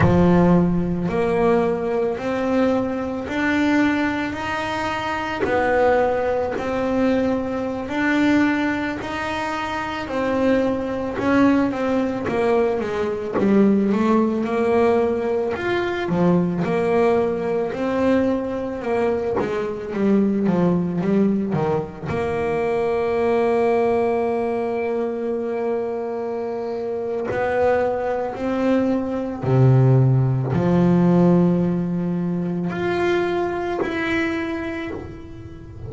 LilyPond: \new Staff \with { instrumentName = "double bass" } { \time 4/4 \tempo 4 = 55 f4 ais4 c'4 d'4 | dis'4 b4 c'4~ c'16 d'8.~ | d'16 dis'4 c'4 cis'8 c'8 ais8 gis16~ | gis16 g8 a8 ais4 f'8 f8 ais8.~ |
ais16 c'4 ais8 gis8 g8 f8 g8 dis16~ | dis16 ais2.~ ais8.~ | ais4 b4 c'4 c4 | f2 f'4 e'4 | }